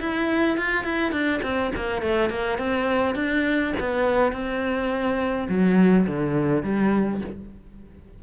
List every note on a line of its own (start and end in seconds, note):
0.00 0.58 E4
0.58 0.84 F4
0.84 1.12 E4
1.12 1.41 D4
1.43 1.72 C4
1.76 2.02 A#3
2.02 2.30 A3
2.30 2.59 A#3
2.59 3.15 C4
3.15 3.73 D4
3.80 4.33 B3
4.33 5.48 C4
5.49 6.07 F#3
6.07 6.63 D3
6.63 7.21 G3